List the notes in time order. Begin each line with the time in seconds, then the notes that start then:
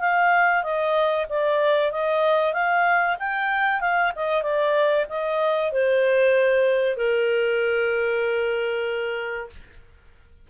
0.00 F5
0.63 D#5
1.29 D5
1.91 D#5
2.53 F5
3.19 G5
3.80 F5
4.16 D#5
4.42 D5
5.09 D#5
5.72 C5
6.97 A#4